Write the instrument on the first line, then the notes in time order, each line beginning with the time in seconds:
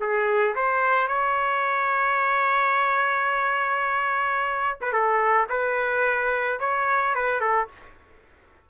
trumpet
0.00 G#4
0.56 C5
1.08 C#5
4.81 B4
4.92 A4
5.50 B4
6.60 C#5
7.15 B4
7.40 A4